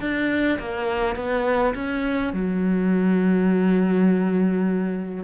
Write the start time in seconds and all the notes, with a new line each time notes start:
0.00 D4
0.59 A#3
1.15 B3
1.74 C#4
2.33 F#3